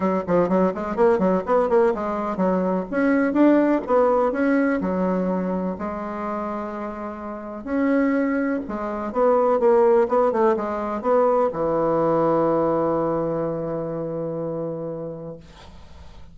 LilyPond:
\new Staff \with { instrumentName = "bassoon" } { \time 4/4 \tempo 4 = 125 fis8 f8 fis8 gis8 ais8 fis8 b8 ais8 | gis4 fis4 cis'4 d'4 | b4 cis'4 fis2 | gis1 |
cis'2 gis4 b4 | ais4 b8 a8 gis4 b4 | e1~ | e1 | }